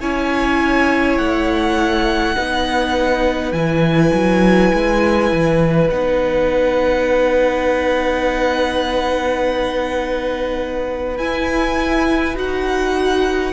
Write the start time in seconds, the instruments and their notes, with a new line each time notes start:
0.00 cello C#4, viola E4, violin C#5 G#5
1.18 cello A3, violin F#5
2.35 cello B3, viola D#4, violin B4
3.52 cello E3, viola E4, violin G#5
4.13 cello F#3
4.73 cello G#3
5.32 cello E3
5.90 cello B3, viola D#4, violin F#5
11.17 cello E4, viola E4, violin G#5
12.35 cello D#4, viola F#4, violin F#5